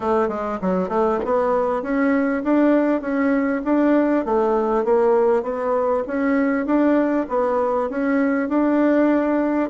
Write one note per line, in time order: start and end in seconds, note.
0.00 0.28 A3
0.28 0.58 G#3
0.61 0.88 F#3
0.88 1.19 A3
1.24 1.82 B3
1.82 2.42 C#4
2.43 3.01 D4
3.01 3.61 C#4
3.64 4.25 D4
4.25 4.84 A3
4.84 5.42 A#3
5.42 6.03 B3
6.07 6.65 C#4
6.65 7.26 D4
7.29 7.89 B3
7.89 8.48 C#4
8.48 9.70 D4